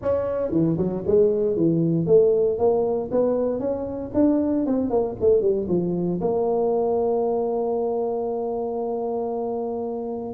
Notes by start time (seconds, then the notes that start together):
0.02 C#4
0.51 E3
0.77 F#3
1.07 G#3
1.56 E3
2.06 A3
2.58 A#3
3.11 B3
3.59 C#4
4.14 D4
4.66 C4
4.89 A#3
5.20 A3
5.41 G3
5.68 F3
6.20 A#3